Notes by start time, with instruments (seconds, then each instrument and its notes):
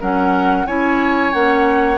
0.00 bassoon F#3, clarinet C#4, oboe A#4, flute F#5
0.66 bassoon C#4, clarinet E4, oboe C#5, flute G#5
1.32 bassoon A#3, clarinet C#4, flute F#5